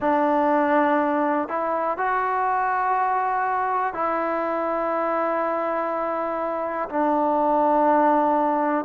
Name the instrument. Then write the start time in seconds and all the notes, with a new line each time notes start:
trombone
0.00 D4
1.48 E4
1.97 F#4
3.93 E4
6.89 D4